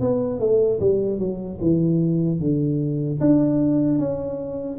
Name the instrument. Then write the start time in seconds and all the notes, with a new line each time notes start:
tuba
0.00 B3
0.39 A3
0.80 G3
1.18 F#3
1.60 E3
2.39 D3
3.20 D4
3.99 C#4